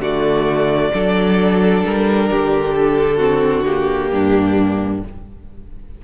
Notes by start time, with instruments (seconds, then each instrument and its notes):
0.00 cello D3, viola A3, violin F#4 D5
0.93 cello F#3, viola D4, violin A4
1.85 cello G3, violin A#4
2.30 cello D3, violin G4
2.74 violin A4
3.17 viola C4, violin F#4
3.65 viola A#3, violin G4
4.12 cello G2, violin D4